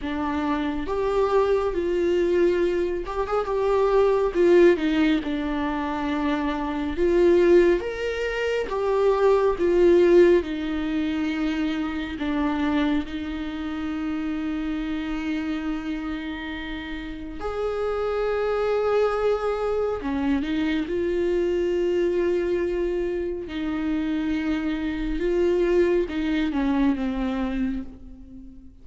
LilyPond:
\new Staff \with { instrumentName = "viola" } { \time 4/4 \tempo 4 = 69 d'4 g'4 f'4. g'16 gis'16 | g'4 f'8 dis'8 d'2 | f'4 ais'4 g'4 f'4 | dis'2 d'4 dis'4~ |
dis'1 | gis'2. cis'8 dis'8 | f'2. dis'4~ | dis'4 f'4 dis'8 cis'8 c'4 | }